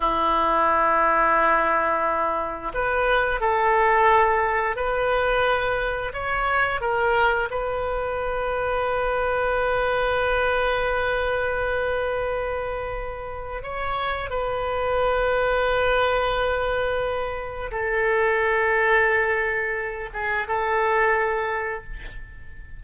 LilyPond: \new Staff \with { instrumentName = "oboe" } { \time 4/4 \tempo 4 = 88 e'1 | b'4 a'2 b'4~ | b'4 cis''4 ais'4 b'4~ | b'1~ |
b'1 | cis''4 b'2.~ | b'2 a'2~ | a'4. gis'8 a'2 | }